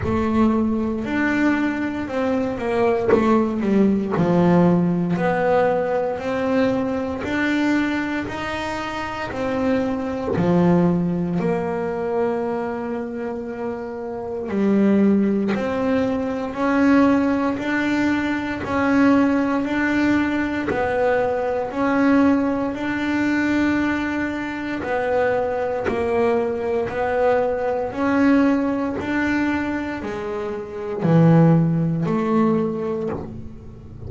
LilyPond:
\new Staff \with { instrumentName = "double bass" } { \time 4/4 \tempo 4 = 58 a4 d'4 c'8 ais8 a8 g8 | f4 b4 c'4 d'4 | dis'4 c'4 f4 ais4~ | ais2 g4 c'4 |
cis'4 d'4 cis'4 d'4 | b4 cis'4 d'2 | b4 ais4 b4 cis'4 | d'4 gis4 e4 a4 | }